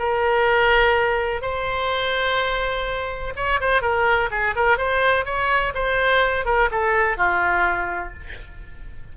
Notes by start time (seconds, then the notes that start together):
0.00 A#4
1.42 C5
3.36 C#5
3.61 C5
3.82 A#4
4.31 G#4
4.56 A#4
4.78 C5
5.26 C#5
5.75 C5
6.46 A#4
6.72 A4
7.18 F4